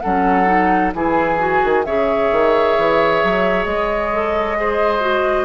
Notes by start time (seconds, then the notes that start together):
0.00 F#3 C#4 A4 F#5
0.46 D#4
0.94 E3 E4 G#4 G#5
1.38 F#4
1.64 D#3
1.84 C#3 G#4 C#5 E5
2.31 D#3
2.77 E3
3.23 F#3
3.65 G#3 D#5
4.13 A4
4.56 G#4 C5
5.00 F#4